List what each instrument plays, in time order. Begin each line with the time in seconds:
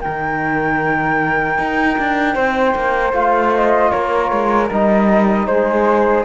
0.00 cello D#3, trombone D#4, flute A#4 G5
1.58 cello D#4
1.98 cello D4
2.34 cello C4, flute C5
2.75 cello A#3
3.12 cello A3, trombone F4, flute F5
3.54 flute D#5
3.90 cello A#3, flute A#4 C#5
4.31 cello G#3
4.70 cello G3, trombone D#4, flute D#5
5.46 cello G#3, flute G#4 C5